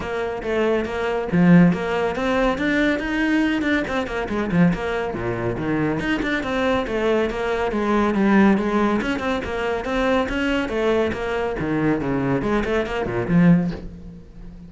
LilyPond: \new Staff \with { instrumentName = "cello" } { \time 4/4 \tempo 4 = 140 ais4 a4 ais4 f4 | ais4 c'4 d'4 dis'4~ | dis'8 d'8 c'8 ais8 gis8 f8 ais4 | ais,4 dis4 dis'8 d'8 c'4 |
a4 ais4 gis4 g4 | gis4 cis'8 c'8 ais4 c'4 | cis'4 a4 ais4 dis4 | cis4 gis8 a8 ais8 ais,8 f4 | }